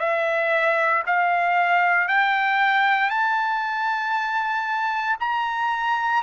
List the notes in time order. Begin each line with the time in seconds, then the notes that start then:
0.00 E5
1.07 F5
2.08 G5
3.10 A5
5.20 A#5